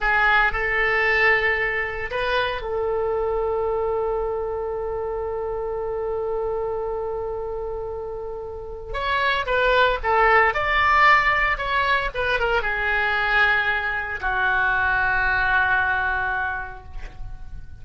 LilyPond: \new Staff \with { instrumentName = "oboe" } { \time 4/4 \tempo 4 = 114 gis'4 a'2. | b'4 a'2.~ | a'1~ | a'1~ |
a'4 cis''4 b'4 a'4 | d''2 cis''4 b'8 ais'8 | gis'2. fis'4~ | fis'1 | }